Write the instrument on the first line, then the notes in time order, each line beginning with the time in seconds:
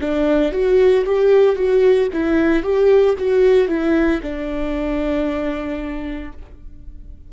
viola
0.00 D4
0.52 F#4
1.05 G4
1.56 F#4
2.12 E4
2.62 G4
3.18 F#4
3.68 E4
4.22 D4